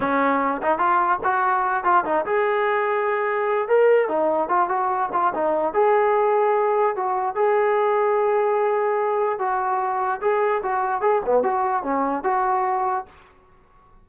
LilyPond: \new Staff \with { instrumentName = "trombone" } { \time 4/4 \tempo 4 = 147 cis'4. dis'8 f'4 fis'4~ | fis'8 f'8 dis'8 gis'2~ gis'8~ | gis'4 ais'4 dis'4 f'8 fis'8~ | fis'8 f'8 dis'4 gis'2~ |
gis'4 fis'4 gis'2~ | gis'2. fis'4~ | fis'4 gis'4 fis'4 gis'8 b8 | fis'4 cis'4 fis'2 | }